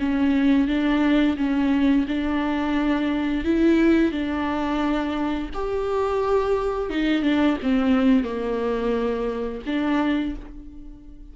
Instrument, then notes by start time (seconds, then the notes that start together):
viola
0.00 C#4
0.68 D4
1.38 C#4
2.08 D4
3.45 E4
4.12 D4
5.54 G4
6.90 D#4
7.23 D4
7.63 C4
8.24 A#3
9.66 D4